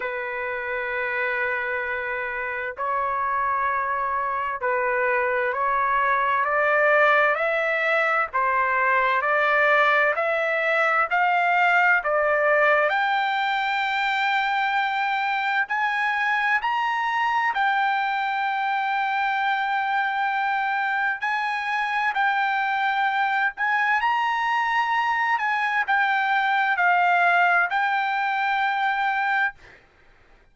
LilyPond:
\new Staff \with { instrumentName = "trumpet" } { \time 4/4 \tempo 4 = 65 b'2. cis''4~ | cis''4 b'4 cis''4 d''4 | e''4 c''4 d''4 e''4 | f''4 d''4 g''2~ |
g''4 gis''4 ais''4 g''4~ | g''2. gis''4 | g''4. gis''8 ais''4. gis''8 | g''4 f''4 g''2 | }